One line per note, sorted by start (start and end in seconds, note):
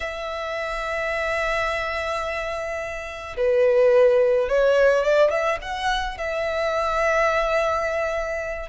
0.00 3.36 E5
3.36 4.49 B4
4.49 5.04 C#5
5.04 5.30 D5
5.30 5.58 E5
5.61 6.17 F#5
6.17 8.69 E5